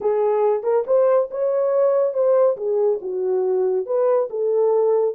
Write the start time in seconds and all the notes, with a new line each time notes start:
0.00 G#4
0.63 A#4
0.86 C5
1.30 C#5
2.13 C5
2.56 G#4
3.01 F#4
3.86 B4
4.30 A4